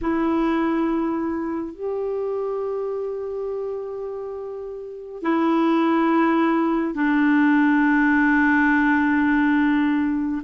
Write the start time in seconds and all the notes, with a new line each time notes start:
0.01 E4
1.74 G4
5.22 E4
6.94 D4